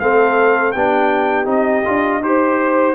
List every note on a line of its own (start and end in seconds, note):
0.00 0.74 A3
0.00 0.75 C4
0.00 0.74 A4
0.00 0.72 F5
0.72 1.46 B3
0.72 1.45 D4
0.72 2.22 G4
0.72 1.46 G5
1.45 1.83 C4
1.45 1.82 D#4
1.45 2.23 D#5
1.85 2.21 D4
1.85 2.22 F4
2.21 2.95 D#4
2.21 2.95 G4
2.21 2.95 C5